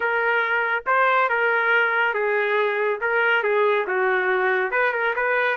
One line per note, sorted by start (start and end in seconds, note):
0.00 0.84 A#4
0.86 1.29 C5
1.29 2.14 A#4
2.14 2.99 G#4
3.00 3.43 A#4
3.43 3.86 G#4
3.87 4.71 F#4
4.71 4.92 B4
4.92 5.14 A#4
5.15 5.56 B4